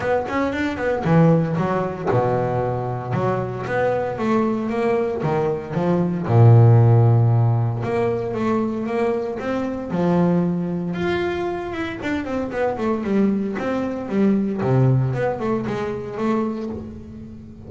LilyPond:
\new Staff \with { instrumentName = "double bass" } { \time 4/4 \tempo 4 = 115 b8 cis'8 d'8 b8 e4 fis4 | b,2 fis4 b4 | a4 ais4 dis4 f4 | ais,2. ais4 |
a4 ais4 c'4 f4~ | f4 f'4. e'8 d'8 c'8 | b8 a8 g4 c'4 g4 | c4 b8 a8 gis4 a4 | }